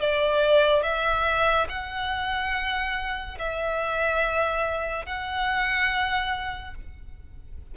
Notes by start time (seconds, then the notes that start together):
0.00 D5
0.83 E5
1.69 F#5
3.39 E5
5.06 F#5